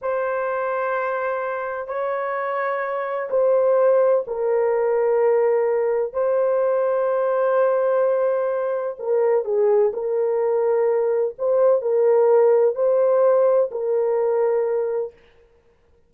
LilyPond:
\new Staff \with { instrumentName = "horn" } { \time 4/4 \tempo 4 = 127 c''1 | cis''2. c''4~ | c''4 ais'2.~ | ais'4 c''2.~ |
c''2. ais'4 | gis'4 ais'2. | c''4 ais'2 c''4~ | c''4 ais'2. | }